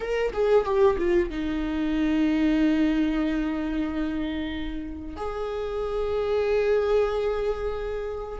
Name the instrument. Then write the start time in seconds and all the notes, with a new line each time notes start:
viola
0.00 A#4
0.33 G#4
0.64 G4
0.97 F4
1.30 D#4
5.16 G#4